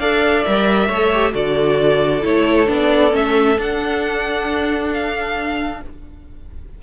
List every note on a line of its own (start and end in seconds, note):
0.00 0.46 D4
0.00 0.46 A4
0.00 0.88 D5
0.00 0.44 F5
0.44 0.89 G3
0.44 0.91 A#4
0.44 1.34 E5
0.88 1.34 A3
0.88 1.13 A4
0.88 1.33 C#5
1.13 1.33 G4
1.33 2.24 D3
1.33 2.22 F#4
1.33 5.81 A4
1.33 2.25 D5
2.22 2.69 A3
2.22 2.67 E4
2.22 2.70 C#5
2.67 3.13 B3
2.67 3.11 D4
2.73 3.16 D5
3.11 3.57 A3
3.11 3.56 C#4
3.11 3.61 E5
3.57 5.81 D4
3.57 4.93 F#5
4.93 5.83 F5